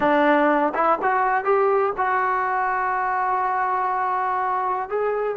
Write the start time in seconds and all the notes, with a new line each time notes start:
0.00 D4
0.74 E4
1.02 F#4
1.44 G4
1.97 F#4
4.89 G#4